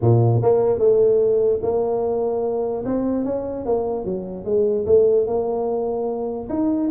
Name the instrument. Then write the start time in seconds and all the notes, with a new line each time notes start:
tuba
0.01 A#2
0.42 A#3
0.78 A3
1.62 A#3
2.85 C4
3.25 C#4
3.65 A#3
4.04 F#3
4.45 G#3
4.86 A3
5.26 A#3
6.49 D#4